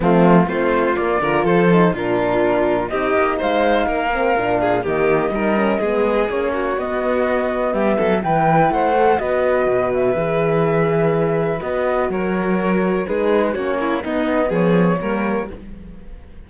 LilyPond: <<
  \new Staff \with { instrumentName = "flute" } { \time 4/4 \tempo 4 = 124 f'4 c''4 d''4 c''4 | ais'2 dis''4 f''4~ | f''2 dis''2~ | dis''4 cis''4 dis''2 |
e''4 g''4 fis''4 dis''4~ | dis''8 e''2.~ e''8 | dis''4 cis''2 b'4 | cis''4 dis''4 cis''2 | }
  \new Staff \with { instrumentName = "violin" } { \time 4/4 c'4 f'4. ais'8 a'4 | f'2 g'4 c''4 | ais'4. gis'8 g'4 ais'4 | gis'4. fis'2~ fis'8 |
g'8 a'8 b'4 c''4 b'4~ | b'1~ | b'4 ais'2 gis'4 | fis'8 e'8 dis'4 gis'4 ais'4 | }
  \new Staff \with { instrumentName = "horn" } { \time 4/4 a4 c'4 ais8 f'4 dis'8 | d'2 dis'2~ | dis'8 c'8 d'4 ais4 dis'8 cis'8 | b4 cis'4 b2~ |
b4 e'4. a'8 fis'4~ | fis'4 gis'2. | fis'2. dis'4 | cis'4 b2 ais4 | }
  \new Staff \with { instrumentName = "cello" } { \time 4/4 f4 a4 ais8 d8 f4 | ais,2 c'8 ais8 gis4 | ais4 ais,4 dis4 g4 | gis4 ais4 b2 |
g8 fis8 e4 a4 b4 | b,4 e2. | b4 fis2 gis4 | ais4 b4 f4 g4 | }
>>